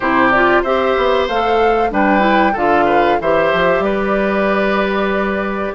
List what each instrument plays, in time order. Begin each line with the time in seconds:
0.00 bassoon C3, clarinet E4, oboe G4, flute C5
0.30 clarinet F4, flute D5
0.62 bassoon C4, clarinet G4, oboe C5, flute E5
0.97 bassoon B3
1.28 bassoon A3, clarinet A4, flute F5
1.91 bassoon G3, clarinet D4, oboe B4, flute G5
2.19 clarinet E4
2.52 bassoon D3, clarinet F4, oboe A4, flute F5
2.85 oboe B4
3.20 bassoon E3, clarinet G4, oboe C5, flute E5
3.52 bassoon F3
3.79 bassoon G3, oboe B4, flute D5